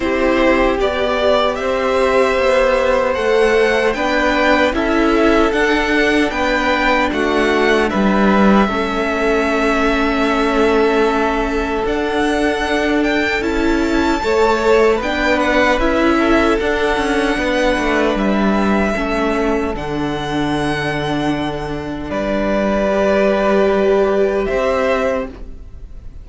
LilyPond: <<
  \new Staff \with { instrumentName = "violin" } { \time 4/4 \tempo 4 = 76 c''4 d''4 e''2 | fis''4 g''4 e''4 fis''4 | g''4 fis''4 e''2~ | e''2. fis''4~ |
fis''8 g''8 a''2 g''8 fis''8 | e''4 fis''2 e''4~ | e''4 fis''2. | d''2. e''4 | }
  \new Staff \with { instrumentName = "violin" } { \time 4/4 g'2 c''2~ | c''4 b'4 a'2 | b'4 fis'4 b'4 a'4~ | a'1~ |
a'2 cis''4 b'4~ | b'8 a'4. b'2 | a'1 | b'2. c''4 | }
  \new Staff \with { instrumentName = "viola" } { \time 4/4 e'4 g'2. | a'4 d'4 e'4 d'4~ | d'2. cis'4~ | cis'2. d'4~ |
d'4 e'4 a'4 d'4 | e'4 d'2. | cis'4 d'2.~ | d'4 g'2. | }
  \new Staff \with { instrumentName = "cello" } { \time 4/4 c'4 b4 c'4 b4 | a4 b4 cis'4 d'4 | b4 a4 g4 a4~ | a2. d'4~ |
d'4 cis'4 a4 b4 | cis'4 d'8 cis'8 b8 a8 g4 | a4 d2. | g2. c'4 | }
>>